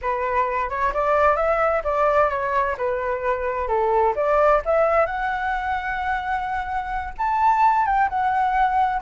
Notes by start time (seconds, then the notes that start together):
0.01 B4
0.69 C#5
0.93 D5
1.36 E5
1.84 D5
2.30 C#5
2.77 B4
3.68 A4
4.15 D5
4.65 E5
5.06 F#5
7.17 A5
7.85 G5
8.09 F#5